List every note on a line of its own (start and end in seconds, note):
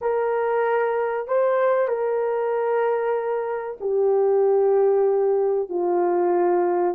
0.01 1.27 A#4
1.27 1.88 C5
1.88 3.77 A#4
3.80 5.69 G4
5.69 6.94 F4